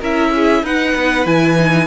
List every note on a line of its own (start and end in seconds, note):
0.00 0.63 C#4
0.00 0.65 E4
0.00 0.31 A#4
0.00 0.65 E5
0.35 0.63 G#4
0.63 0.94 D#4
0.63 1.25 D#4
0.63 1.87 B4
0.63 1.26 F#5
0.95 1.26 B3
1.25 1.87 E3
1.25 1.57 E4
1.25 1.87 G#5
1.57 1.87 D#4